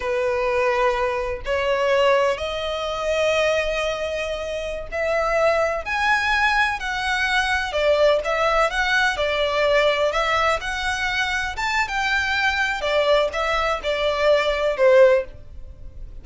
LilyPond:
\new Staff \with { instrumentName = "violin" } { \time 4/4 \tempo 4 = 126 b'2. cis''4~ | cis''4 dis''2.~ | dis''2~ dis''16 e''4.~ e''16~ | e''16 gis''2 fis''4.~ fis''16~ |
fis''16 d''4 e''4 fis''4 d''8.~ | d''4~ d''16 e''4 fis''4.~ fis''16~ | fis''16 a''8. g''2 d''4 | e''4 d''2 c''4 | }